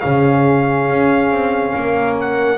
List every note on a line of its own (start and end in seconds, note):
0.00 0.90 C#3
0.00 2.58 C#4
0.00 1.72 G#4
0.00 2.14 F5
0.90 1.30 C#4
1.30 1.73 C4
1.75 2.58 A#3
1.75 2.58 A#4
2.20 2.58 F#5